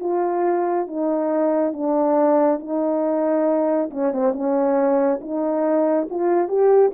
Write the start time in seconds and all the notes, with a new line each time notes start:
0.00 F4
0.87 D#4
1.73 D4
2.59 D#4
3.91 C#4
4.13 C4
4.33 C#4
5.21 D#4
6.10 F4
6.48 G4